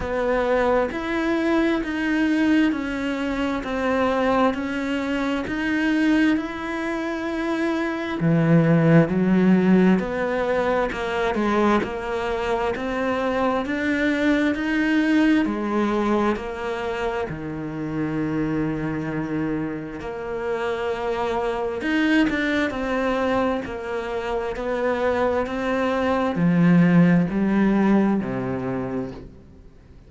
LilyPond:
\new Staff \with { instrumentName = "cello" } { \time 4/4 \tempo 4 = 66 b4 e'4 dis'4 cis'4 | c'4 cis'4 dis'4 e'4~ | e'4 e4 fis4 b4 | ais8 gis8 ais4 c'4 d'4 |
dis'4 gis4 ais4 dis4~ | dis2 ais2 | dis'8 d'8 c'4 ais4 b4 | c'4 f4 g4 c4 | }